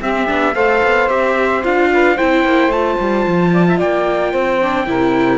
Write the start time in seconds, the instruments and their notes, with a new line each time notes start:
0.00 viola C4, cello C4, saxophone G4, trumpet E5
0.27 cello B3, viola D4
0.54 cello A3, viola A4, saxophone C5, trumpet F5
0.83 cello B3
1.08 cello C4, viola G4, trumpet E5
1.63 cello D4, viola F4, trumpet F5
1.93 saxophone B4
2.15 cello C4, viola E4, saxophone C5, trumpet G5
2.44 cello A#3
2.68 cello A3, viola F4, trumpet A5
2.99 cello G3
3.27 cello F3
3.53 saxophone D5
3.67 saxophone E5
3.77 cello A#3, saxophone D5, trumpet G5
4.31 cello C4, saxophone C5
4.61 viola D4
4.86 cello C3, viola E4, saxophone A#4